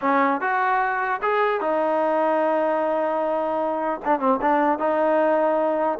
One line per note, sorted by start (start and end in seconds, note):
0.01 0.41 C#4
0.41 1.21 F#4
1.22 1.61 G#4
1.61 4.01 D#4
4.04 4.19 D4
4.19 4.39 C4
4.41 4.79 D4
4.79 5.99 D#4